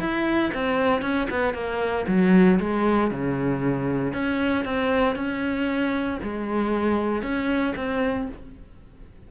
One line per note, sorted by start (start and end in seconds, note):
0.00 0.52 E4
0.54 1.02 C4
1.02 1.28 C#4
1.30 1.54 B3
1.54 2.06 A#3
2.08 2.60 F#3
2.60 3.11 G#3
3.11 4.13 C#3
4.13 4.65 C#4
4.65 5.16 C4
5.16 6.19 C#4
6.23 7.22 G#3
7.22 7.74 C#4
7.76 8.28 C4